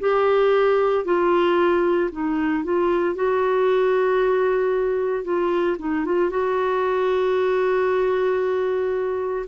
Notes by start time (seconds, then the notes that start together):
0.00 G4
1.05 F4
2.11 D#4
2.64 F4
3.15 F#4
5.24 F4
5.79 D#4
6.05 F4
6.30 F#4